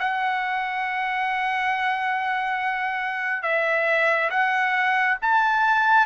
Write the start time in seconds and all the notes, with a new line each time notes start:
0.00 F#5
3.43 E5
4.31 F#5
5.22 A5